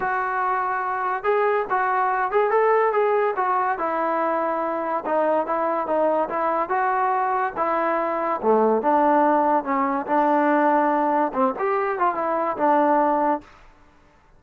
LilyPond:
\new Staff \with { instrumentName = "trombone" } { \time 4/4 \tempo 4 = 143 fis'2. gis'4 | fis'4. gis'8 a'4 gis'4 | fis'4 e'2. | dis'4 e'4 dis'4 e'4 |
fis'2 e'2 | a4 d'2 cis'4 | d'2. c'8 g'8~ | g'8 f'8 e'4 d'2 | }